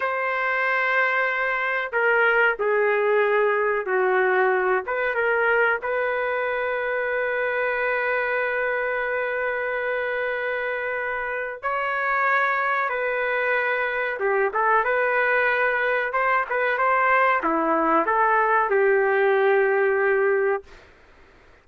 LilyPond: \new Staff \with { instrumentName = "trumpet" } { \time 4/4 \tempo 4 = 93 c''2. ais'4 | gis'2 fis'4. b'8 | ais'4 b'2.~ | b'1~ |
b'2 cis''2 | b'2 g'8 a'8 b'4~ | b'4 c''8 b'8 c''4 e'4 | a'4 g'2. | }